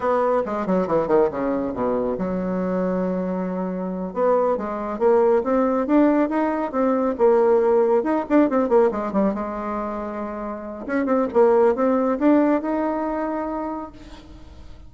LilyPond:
\new Staff \with { instrumentName = "bassoon" } { \time 4/4 \tempo 4 = 138 b4 gis8 fis8 e8 dis8 cis4 | b,4 fis2.~ | fis4. b4 gis4 ais8~ | ais8 c'4 d'4 dis'4 c'8~ |
c'8 ais2 dis'8 d'8 c'8 | ais8 gis8 g8 gis2~ gis8~ | gis4 cis'8 c'8 ais4 c'4 | d'4 dis'2. | }